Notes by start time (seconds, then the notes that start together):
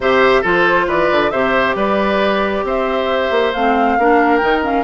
0.00 C3 G4 C5 E5
0.41 F3 F4 A4 C5
0.87 E3 B4 D5
1.11 D3
1.30 C3 G4 C5 E5
1.75 G3 B4 D5
2.63 C4 C5 E5
3.30 A#3
3.53 A3 C4 F5
3.98 A#3 D4 A#4
4.37 D#3 D#4 G5
4.62 C#4 F5